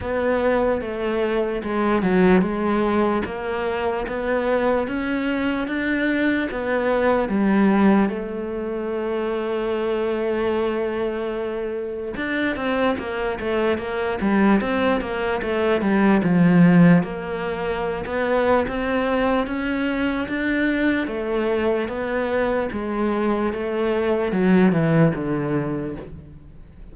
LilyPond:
\new Staff \with { instrumentName = "cello" } { \time 4/4 \tempo 4 = 74 b4 a4 gis8 fis8 gis4 | ais4 b4 cis'4 d'4 | b4 g4 a2~ | a2. d'8 c'8 |
ais8 a8 ais8 g8 c'8 ais8 a8 g8 | f4 ais4~ ais16 b8. c'4 | cis'4 d'4 a4 b4 | gis4 a4 fis8 e8 d4 | }